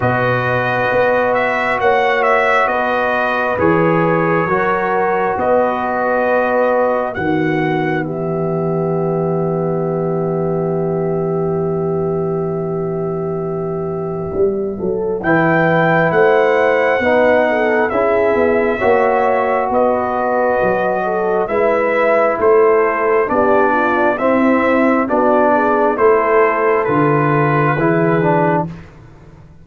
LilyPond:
<<
  \new Staff \with { instrumentName = "trumpet" } { \time 4/4 \tempo 4 = 67 dis''4. e''8 fis''8 e''8 dis''4 | cis''2 dis''2 | fis''4 e''2.~ | e''1~ |
e''4 g''4 fis''2 | e''2 dis''2 | e''4 c''4 d''4 e''4 | d''4 c''4 b'2 | }
  \new Staff \with { instrumentName = "horn" } { \time 4/4 b'2 cis''4 b'4~ | b'4 ais'4 b'2 | fis'4 g'2.~ | g'1~ |
g'8 a'8 b'4 c''4 b'8 a'8 | gis'4 cis''4 b'4. a'8 | b'4 a'4 g'8 f'8 e'4 | fis'8 gis'8 a'2 gis'4 | }
  \new Staff \with { instrumentName = "trombone" } { \time 4/4 fis'1 | gis'4 fis'2. | b1~ | b1~ |
b4 e'2 dis'4 | e'4 fis'2. | e'2 d'4 c'4 | d'4 e'4 f'4 e'8 d'8 | }
  \new Staff \with { instrumentName = "tuba" } { \time 4/4 b,4 b4 ais4 b4 | e4 fis4 b2 | dis4 e2.~ | e1 |
g8 fis8 e4 a4 b4 | cis'8 b8 ais4 b4 fis4 | gis4 a4 b4 c'4 | b4 a4 d4 e4 | }
>>